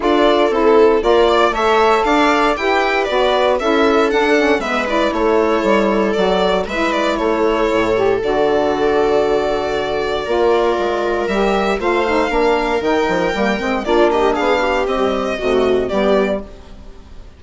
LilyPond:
<<
  \new Staff \with { instrumentName = "violin" } { \time 4/4 \tempo 4 = 117 d''4 a'4 d''4 e''4 | f''4 g''4 d''4 e''4 | fis''4 e''8 d''8 cis''2 | d''4 e''8 d''8 cis''2 |
d''1~ | d''2 e''4 f''4~ | f''4 g''2 d''8 dis''8 | f''4 dis''2 d''4 | }
  \new Staff \with { instrumentName = "viola" } { \time 4/4 a'2 ais'8 d''8 cis''4 | d''4 b'2 a'4~ | a'4 b'4 a'2~ | a'4 b'4 a'2~ |
a'1 | ais'2. c''4 | ais'2. f'8 g'8 | gis'8 g'4. fis'4 g'4 | }
  \new Staff \with { instrumentName = "saxophone" } { \time 4/4 f'4 e'4 f'4 a'4~ | a'4 g'4 fis'4 e'4 | d'8 cis'8 b8 e'2~ e'8 | fis'4 e'2~ e'8 g'8 |
fis'1 | f'2 g'4 f'8 dis'8 | d'4 dis'4 ais8 c'8 d'4~ | d'4 g4 a4 b4 | }
  \new Staff \with { instrumentName = "bassoon" } { \time 4/4 d'4 c'4 ais4 a4 | d'4 e'4 b4 cis'4 | d'4 gis4 a4 g4 | fis4 gis4 a4 a,4 |
d1 | ais4 gis4 g4 a4 | ais4 dis8 f8 g8 gis8 ais4 | b4 c'4 c4 g4 | }
>>